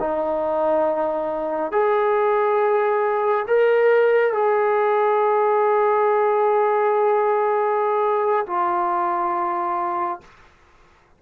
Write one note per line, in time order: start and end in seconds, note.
0.00 1.73 D#4
1.73 3.47 G#4
3.48 4.34 A#4
4.34 8.47 G#4
8.47 10.21 F4